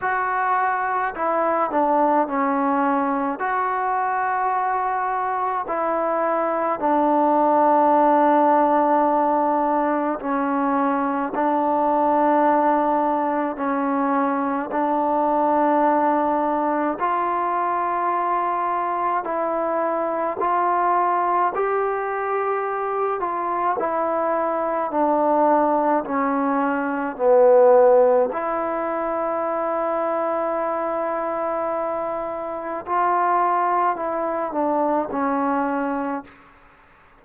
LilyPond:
\new Staff \with { instrumentName = "trombone" } { \time 4/4 \tempo 4 = 53 fis'4 e'8 d'8 cis'4 fis'4~ | fis'4 e'4 d'2~ | d'4 cis'4 d'2 | cis'4 d'2 f'4~ |
f'4 e'4 f'4 g'4~ | g'8 f'8 e'4 d'4 cis'4 | b4 e'2.~ | e'4 f'4 e'8 d'8 cis'4 | }